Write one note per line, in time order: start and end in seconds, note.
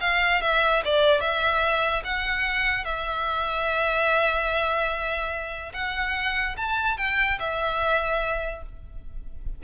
0.00 0.41 F5
0.41 0.82 E5
0.84 1.20 D5
1.20 2.02 E5
2.04 2.84 F#5
2.84 5.72 E5
5.73 6.55 F#5
6.57 6.97 A5
6.97 7.38 G5
7.39 8.62 E5